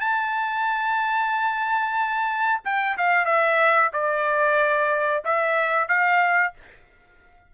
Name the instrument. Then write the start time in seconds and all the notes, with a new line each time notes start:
trumpet
0.00 A5
2.64 G5
2.97 F5
3.25 E5
3.93 D5
5.25 E5
5.88 F5